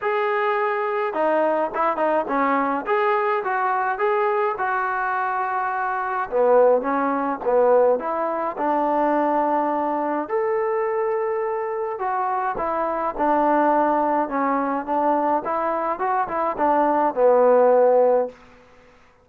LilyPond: \new Staff \with { instrumentName = "trombone" } { \time 4/4 \tempo 4 = 105 gis'2 dis'4 e'8 dis'8 | cis'4 gis'4 fis'4 gis'4 | fis'2. b4 | cis'4 b4 e'4 d'4~ |
d'2 a'2~ | a'4 fis'4 e'4 d'4~ | d'4 cis'4 d'4 e'4 | fis'8 e'8 d'4 b2 | }